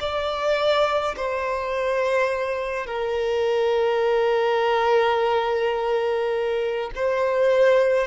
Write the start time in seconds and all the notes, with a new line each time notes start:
0.00 D5
1.17 C5
2.87 A#4
6.95 C5